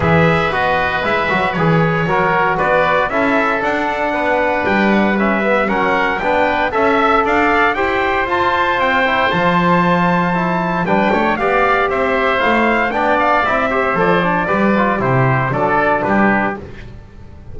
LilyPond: <<
  \new Staff \with { instrumentName = "trumpet" } { \time 4/4 \tempo 4 = 116 e''4 dis''4 e''4 cis''4~ | cis''4 d''4 e''4 fis''4~ | fis''4 g''8 fis''8 e''4 fis''4 | g''4 e''4 f''4 g''4 |
a''4 g''4 a''2~ | a''4 g''4 f''4 e''4 | f''4 g''8 f''8 e''4 d''4~ | d''4 c''4 d''4 b'4 | }
  \new Staff \with { instrumentName = "oboe" } { \time 4/4 b'1 | ais'4 b'4 a'2 | b'2. ais'4 | b'4 e''4 d''4 c''4~ |
c''1~ | c''4 b'8 cis''8 d''4 c''4~ | c''4 d''4. c''4. | b'4 g'4 a'4 g'4 | }
  \new Staff \with { instrumentName = "trombone" } { \time 4/4 gis'4 fis'4 e'8 fis'8 gis'4 | fis'2 e'4 d'4~ | d'2 cis'8 b8 cis'4 | d'4 a'2 g'4 |
f'4. e'8 f'2 | e'4 d'4 g'2 | e'4 d'4 e'8 g'8 a'8 d'8 | g'8 f'8 e'4 d'2 | }
  \new Staff \with { instrumentName = "double bass" } { \time 4/4 e4 b4 gis8 fis8 e4 | fis4 b4 cis'4 d'4 | b4 g2 fis4 | b4 cis'4 d'4 e'4 |
f'4 c'4 f2~ | f4 g8 a8 b4 c'4 | a4 b4 c'4 f4 | g4 c4 fis4 g4 | }
>>